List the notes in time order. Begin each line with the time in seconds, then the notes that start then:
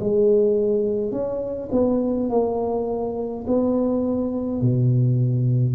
0.00 G#3
1.12 C#4
1.72 B3
2.30 A#3
3.47 B3
4.61 B2